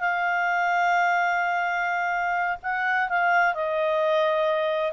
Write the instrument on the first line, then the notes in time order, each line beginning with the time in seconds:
clarinet
0.00 F5
2.63 F#5
3.09 F5
3.54 D#5